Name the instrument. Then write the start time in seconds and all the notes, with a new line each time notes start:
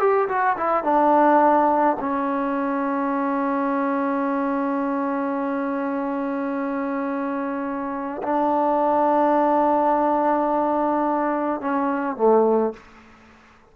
trombone
0.00 G4
0.29 F#4
0.57 E4
0.84 D4
2.00 C#4
8.23 D4
11.61 C#4
12.17 A3